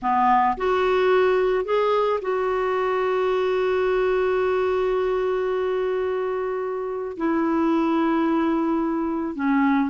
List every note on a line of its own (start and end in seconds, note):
0.02 0.57 B3
0.57 1.64 F#4
1.64 2.19 G#4
2.21 7.17 F#4
7.17 9.35 E4
9.35 9.89 C#4